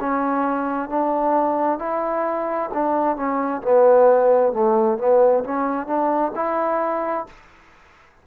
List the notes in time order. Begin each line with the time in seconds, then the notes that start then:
0.00 C#4
0.89 D4
1.79 E4
2.74 D4
3.17 C#4
3.62 B3
4.53 A3
4.98 B3
5.44 C#4
5.87 D4
6.36 E4